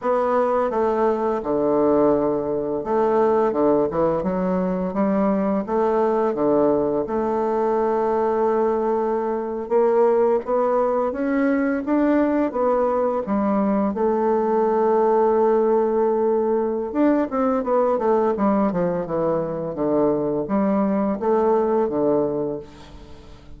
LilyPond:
\new Staff \with { instrumentName = "bassoon" } { \time 4/4 \tempo 4 = 85 b4 a4 d2 | a4 d8 e8 fis4 g4 | a4 d4 a2~ | a4.~ a16 ais4 b4 cis'16~ |
cis'8. d'4 b4 g4 a16~ | a1 | d'8 c'8 b8 a8 g8 f8 e4 | d4 g4 a4 d4 | }